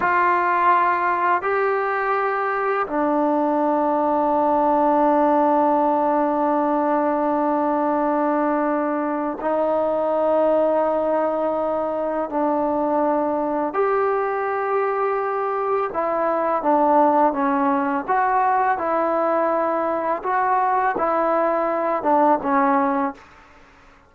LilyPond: \new Staff \with { instrumentName = "trombone" } { \time 4/4 \tempo 4 = 83 f'2 g'2 | d'1~ | d'1~ | d'4 dis'2.~ |
dis'4 d'2 g'4~ | g'2 e'4 d'4 | cis'4 fis'4 e'2 | fis'4 e'4. d'8 cis'4 | }